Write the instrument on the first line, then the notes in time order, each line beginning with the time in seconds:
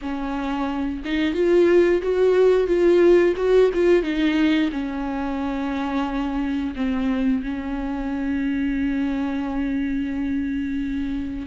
viola
0.01 C#4
1.04 D#4
1.34 F4
2.02 F#4
2.67 F4
3.36 F#4
3.74 F4
4.02 D#4
4.72 C#4
6.75 C4
7.42 C#4